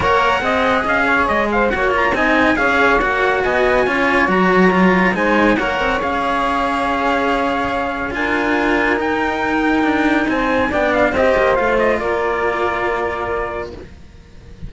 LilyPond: <<
  \new Staff \with { instrumentName = "trumpet" } { \time 4/4 \tempo 4 = 140 fis''2 f''4 dis''8 f''8 | fis''8 ais''8 gis''4 f''4 fis''4 | gis''2 ais''2 | gis''4 fis''4 f''2~ |
f''2. gis''4~ | gis''4 g''2. | gis''4 g''8 f''8 dis''4 f''8 dis''8 | d''1 | }
  \new Staff \with { instrumentName = "saxophone" } { \time 4/4 cis''4 dis''4. cis''4 c''8 | cis''4 dis''4 cis''2 | dis''4 cis''2. | c''4 cis''2.~ |
cis''2. ais'4~ | ais'1 | c''4 d''4 c''2 | ais'1 | }
  \new Staff \with { instrumentName = "cello" } { \time 4/4 ais'4 gis'2. | fis'8 f'8 dis'4 gis'4 fis'4~ | fis'4 f'4 fis'4 f'4 | dis'4 ais'4 gis'2~ |
gis'2. f'4~ | f'4 dis'2.~ | dis'4 d'4 g'4 f'4~ | f'1 | }
  \new Staff \with { instrumentName = "cello" } { \time 4/4 ais4 c'4 cis'4 gis4 | ais4 c'4 cis'4 ais4 | b4 cis'4 fis2 | gis4 ais8 c'8 cis'2~ |
cis'2. d'4~ | d'4 dis'2 d'4 | c'4 b4 c'8 ais8 a4 | ais1 | }
>>